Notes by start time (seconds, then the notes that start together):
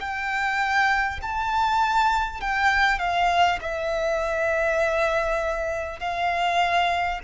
0.00 G5
1.22 A5
2.41 G5
2.98 F5
3.61 E5
5.99 F5